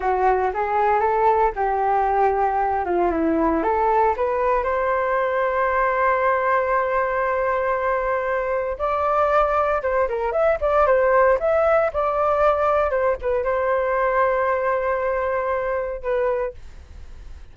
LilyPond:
\new Staff \with { instrumentName = "flute" } { \time 4/4 \tempo 4 = 116 fis'4 gis'4 a'4 g'4~ | g'4. f'8 e'4 a'4 | b'4 c''2.~ | c''1~ |
c''4 d''2 c''8 ais'8 | e''8 d''8 c''4 e''4 d''4~ | d''4 c''8 b'8 c''2~ | c''2. b'4 | }